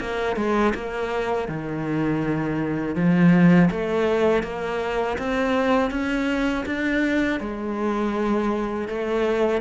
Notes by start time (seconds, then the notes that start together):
0.00 A#3
0.36 G#3
0.74 A#3
1.48 D#3
2.95 F3
3.70 A3
4.43 A#3
5.18 C4
5.91 C#4
6.66 D4
7.40 G#3
8.88 A3